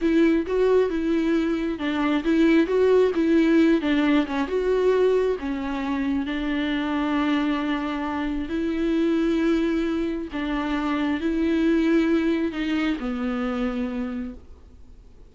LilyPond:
\new Staff \with { instrumentName = "viola" } { \time 4/4 \tempo 4 = 134 e'4 fis'4 e'2 | d'4 e'4 fis'4 e'4~ | e'8 d'4 cis'8 fis'2 | cis'2 d'2~ |
d'2. e'4~ | e'2. d'4~ | d'4 e'2. | dis'4 b2. | }